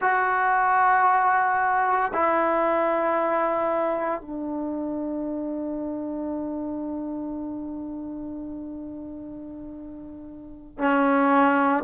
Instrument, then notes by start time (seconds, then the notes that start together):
trombone
0.01 F#4
2.13 E4
4.21 D4
10.78 C#4